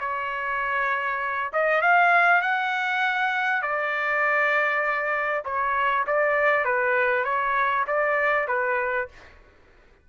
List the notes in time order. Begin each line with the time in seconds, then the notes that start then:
0.00 C#5
1.53 D#5
1.82 F5
2.42 F#5
3.62 D5
5.45 C#5
6.07 D5
6.64 B4
7.24 C#5
7.87 D5
8.48 B4